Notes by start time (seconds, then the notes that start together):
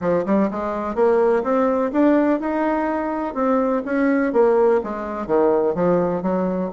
0.01 F3
0.25 G3
0.50 G#3
0.95 A#3
1.43 C4
1.92 D4
2.40 D#4
3.34 C4
3.85 C#4
4.32 A#3
4.83 G#3
5.26 D#3
5.74 F3
6.22 F#3